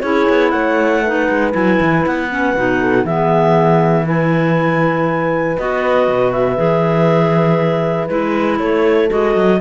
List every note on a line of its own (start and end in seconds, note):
0.00 0.28 C#4
0.00 1.03 E4
0.00 0.51 G#4
0.00 0.49 C#5
0.29 0.52 B3
0.49 1.28 A3
0.49 1.02 C#5
0.49 1.50 F#5
1.02 1.51 D#4
1.02 2.79 B4
1.28 1.53 G#3
1.51 1.80 F#3
1.51 2.27 E4
1.51 2.04 G#5
1.80 2.06 E3
2.06 2.54 B3
2.06 3.05 F#5
2.29 2.55 C#4
2.54 3.04 B2
2.54 3.07 D#4
2.80 3.05 A4
3.04 5.56 E3
3.04 4.05 B3
3.04 4.04 G#4
3.04 4.06 E5
4.04 5.56 E4
4.04 8.58 B4
4.04 5.58 G#5
5.58 6.08 B3
5.58 6.56 F#4
5.58 6.32 D#5
6.08 6.58 B2
6.32 8.07 E5
6.56 8.09 E3
6.56 8.08 G#4
8.07 8.59 G#3
8.07 9.08 E4
8.07 8.57 B4
8.59 9.10 A3
8.59 9.61 A4
8.59 9.09 C#5
9.08 9.35 G#3
9.08 9.59 F#4
9.08 9.61 D#5
9.35 9.60 F#3